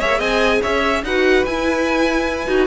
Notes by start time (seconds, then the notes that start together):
0.00 A#3 G#4 C#5 E5
0.18 C4 D#5 G#5
0.62 C#4 C#5 E5
1.04 D#4 F#4 B4 F#5
1.45 E4 G#5
2.47 D#4 F#4